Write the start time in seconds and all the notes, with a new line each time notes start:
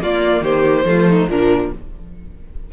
0.00 A#3 F4 D5
0.41 D#3 G4 C5
0.84 F3 A3 F4
1.09 D#4
1.29 A#2 F3 D4 A#4